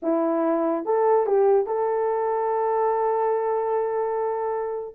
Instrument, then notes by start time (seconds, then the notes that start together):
horn
0.02 E4
0.85 A4
1.26 G4
1.66 A4